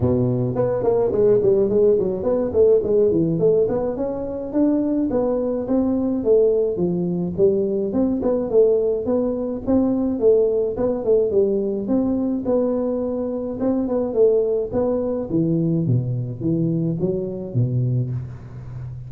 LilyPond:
\new Staff \with { instrumentName = "tuba" } { \time 4/4 \tempo 4 = 106 b,4 b8 ais8 gis8 g8 gis8 fis8 | b8 a8 gis8 e8 a8 b8 cis'4 | d'4 b4 c'4 a4 | f4 g4 c'8 b8 a4 |
b4 c'4 a4 b8 a8 | g4 c'4 b2 | c'8 b8 a4 b4 e4 | b,4 e4 fis4 b,4 | }